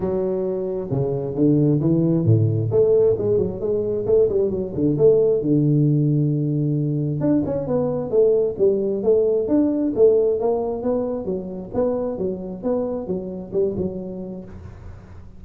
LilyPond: \new Staff \with { instrumentName = "tuba" } { \time 4/4 \tempo 4 = 133 fis2 cis4 d4 | e4 a,4 a4 gis8 fis8 | gis4 a8 g8 fis8 d8 a4 | d1 |
d'8 cis'8 b4 a4 g4 | a4 d'4 a4 ais4 | b4 fis4 b4 fis4 | b4 fis4 g8 fis4. | }